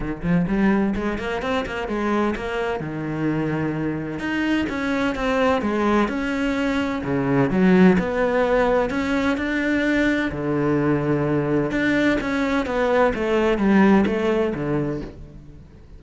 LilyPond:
\new Staff \with { instrumentName = "cello" } { \time 4/4 \tempo 4 = 128 dis8 f8 g4 gis8 ais8 c'8 ais8 | gis4 ais4 dis2~ | dis4 dis'4 cis'4 c'4 | gis4 cis'2 cis4 |
fis4 b2 cis'4 | d'2 d2~ | d4 d'4 cis'4 b4 | a4 g4 a4 d4 | }